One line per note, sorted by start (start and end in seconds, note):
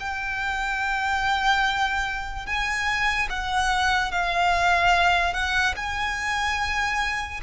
0.00 2.47 G5
2.47 3.29 G#5
3.30 4.12 F#5
4.12 5.34 F5
5.34 5.75 F#5
5.76 7.41 G#5